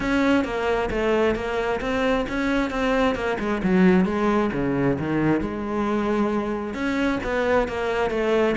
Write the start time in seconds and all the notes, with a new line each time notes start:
0.00 C#4
0.44 A#3
0.90 A3
1.35 A#3
1.80 C4
2.28 C#4
2.70 C4
3.15 A#3
3.39 G#3
3.63 F#3
4.05 G#3
4.53 C#3
4.98 D#3
5.40 G#3
6.73 C#4
7.23 B3
7.68 A#3
8.10 A3